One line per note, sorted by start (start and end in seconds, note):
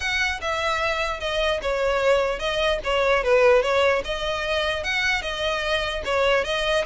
0.00 0.40 F#5
0.41 1.20 E5
1.20 1.60 D#5
1.61 2.39 C#5
2.39 2.79 D#5
2.84 3.23 C#5
3.23 3.62 B4
3.62 4.02 C#5
4.04 4.83 D#5
4.83 5.21 F#5
5.21 6.02 D#5
6.04 6.44 C#5
6.44 6.84 D#5